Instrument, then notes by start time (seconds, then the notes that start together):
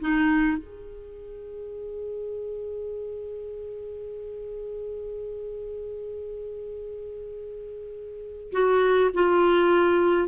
clarinet
0.00 D#4
0.57 G#4
8.52 F#4
9.14 F4